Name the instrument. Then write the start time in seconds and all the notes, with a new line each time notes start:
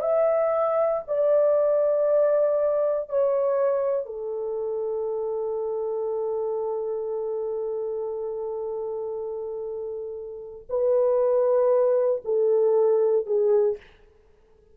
horn
0.00 E5
1.07 D5
3.09 C#5
4.05 A4
10.69 B4
12.24 A4
13.26 G#4